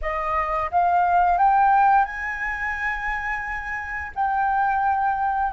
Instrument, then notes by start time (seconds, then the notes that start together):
flute
0.01 D#5
0.71 F5
1.38 G5
2.04 G#5
4.15 G5